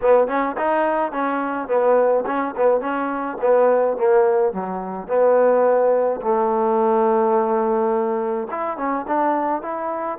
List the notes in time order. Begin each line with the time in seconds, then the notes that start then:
0.01 B3
0.27 C#4
0.57 D#4
1.11 C#4
1.67 B3
2.26 C#4
2.57 B3
2.80 C#4
3.41 B3
3.97 A#3
4.53 F#3
5.07 B3
6.21 A3
8.51 E4
8.77 C#4
9.07 D4
9.62 E4